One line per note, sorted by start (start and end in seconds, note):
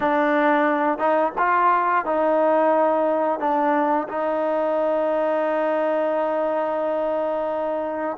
0.00 0.98 D4
0.98 1.32 D#4
1.38 2.05 F4
2.05 3.39 D#4
3.39 4.07 D4
4.08 8.17 D#4